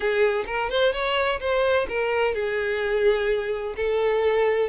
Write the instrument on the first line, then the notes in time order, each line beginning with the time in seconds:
violin
0.00 G#4
0.46 A#4
0.69 C5
0.92 C#5
1.40 C5
1.89 A#4
2.34 G#4
3.76 A4